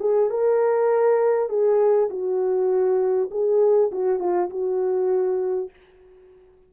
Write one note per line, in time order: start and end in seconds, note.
0.00 0.30 G#4
0.30 1.49 A#4
1.49 2.09 G#4
2.10 3.30 F#4
3.31 3.91 G#4
3.92 4.19 F#4
4.19 4.49 F4
4.50 5.70 F#4